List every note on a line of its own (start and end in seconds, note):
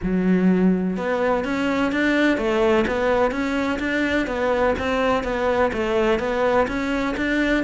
0.02 0.97 F#3
0.97 1.44 B3
1.44 1.92 C#4
1.92 2.37 D4
2.37 2.85 A3
2.87 3.31 B3
3.31 3.78 C#4
3.79 4.26 D4
4.26 4.74 B3
4.79 5.23 C4
5.23 5.71 B3
5.72 6.19 A3
6.19 6.66 B3
6.67 7.15 C#4
7.17 7.63 D4